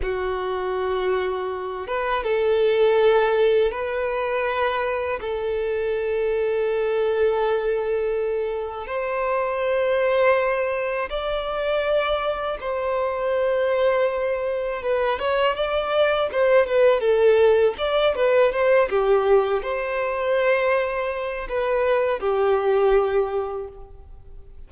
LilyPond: \new Staff \with { instrumentName = "violin" } { \time 4/4 \tempo 4 = 81 fis'2~ fis'8 b'8 a'4~ | a'4 b'2 a'4~ | a'1 | c''2. d''4~ |
d''4 c''2. | b'8 cis''8 d''4 c''8 b'8 a'4 | d''8 b'8 c''8 g'4 c''4.~ | c''4 b'4 g'2 | }